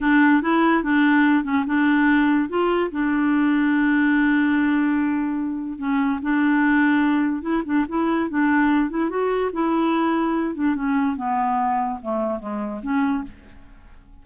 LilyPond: \new Staff \with { instrumentName = "clarinet" } { \time 4/4 \tempo 4 = 145 d'4 e'4 d'4. cis'8 | d'2 f'4 d'4~ | d'1~ | d'2 cis'4 d'4~ |
d'2 e'8 d'8 e'4 | d'4. e'8 fis'4 e'4~ | e'4. d'8 cis'4 b4~ | b4 a4 gis4 cis'4 | }